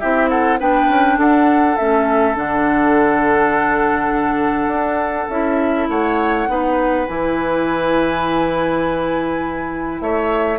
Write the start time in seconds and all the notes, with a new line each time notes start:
0.00 C4 E4 G4 E5
0.30 A4 F#5
0.60 B3 D4 B4 G5
0.89 C#4
1.18 D4 A4 F#5
1.77 A3 C#4 E5
2.35 D3 D4 F#5
4.68 D4
5.30 C#4 E4 E5
5.89 A3 C#5 F#5
6.48 B3 D#4 B4
7.07 E3 E4 G#5
10.00 A3 C#5 E5